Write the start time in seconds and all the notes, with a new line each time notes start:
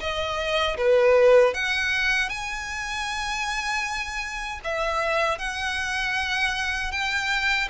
0.00 D#5
0.77 B4
1.54 F#5
2.29 G#5
4.64 E5
5.38 F#5
6.91 G5